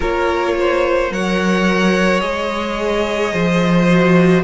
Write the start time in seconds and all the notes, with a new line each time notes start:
0.00 A#3 F4 A#4 C#5
0.59 C5
1.10 F#3 A#4 C#5 F#5
2.20 G#3 G#4 D#5
3.32 F3 C5
3.88 F#4